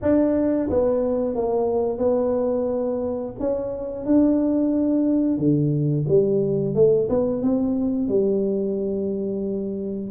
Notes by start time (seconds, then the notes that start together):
0.02 D4
0.69 B3
1.35 A#3
1.98 B3
3.39 C#4
4.05 D4
5.37 D3
6.07 G3
6.74 A3
7.09 B3
7.42 C4
8.08 G3